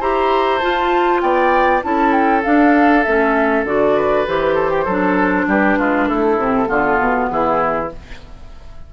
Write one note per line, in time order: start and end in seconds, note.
0.00 0.61 E4
0.00 0.61 G4
0.00 1.21 C5
0.00 0.59 A#5
0.59 1.82 F4
0.59 1.22 F4
0.59 1.20 A5
1.21 1.83 B3
1.21 1.83 D5
1.21 1.82 G5
1.82 2.45 C#4
1.82 2.43 E4
1.82 3.96 A4
1.82 2.12 A5
2.12 2.43 G5
2.43 3.04 D4
2.43 3.06 D4
2.43 3.04 F5
3.04 3.64 A3
3.04 3.66 C#4
3.04 3.64 E5
3.64 4.25 D3
3.64 4.27 F#4
3.64 4.27 D5
3.96 4.55 B4
4.27 4.86 E3
4.27 4.87 G4
4.27 5.48 C5
4.55 4.70 A4
4.70 4.85 G4
4.85 5.47 F#3
4.85 6.40 D4
4.85 5.45 A4
5.47 5.77 G3
5.47 5.78 G4
5.47 6.08 B4
5.79 6.09 G#3
5.79 6.08 F4
6.08 6.37 A3
6.08 6.69 E4
6.08 7.29 A4
6.37 6.68 C3
6.37 6.66 C4
6.66 6.99 D3
6.66 7.87 B3
6.66 7.29 F4
6.99 7.30 B2
7.30 7.91 E3
7.30 7.93 E4
7.30 7.91 G#4